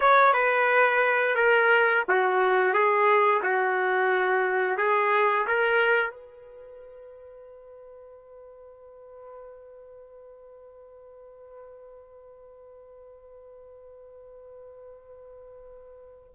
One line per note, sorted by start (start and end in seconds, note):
0.00 0.33 C#5
0.33 1.35 B4
1.35 2.03 A#4
2.08 2.73 F#4
2.73 3.41 G#4
3.42 4.77 F#4
4.77 5.45 G#4
5.47 6.10 A#4
6.10 16.33 B4